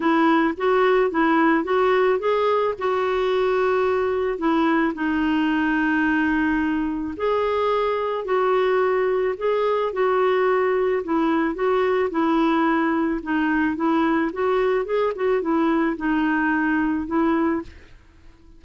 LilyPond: \new Staff \with { instrumentName = "clarinet" } { \time 4/4 \tempo 4 = 109 e'4 fis'4 e'4 fis'4 | gis'4 fis'2. | e'4 dis'2.~ | dis'4 gis'2 fis'4~ |
fis'4 gis'4 fis'2 | e'4 fis'4 e'2 | dis'4 e'4 fis'4 gis'8 fis'8 | e'4 dis'2 e'4 | }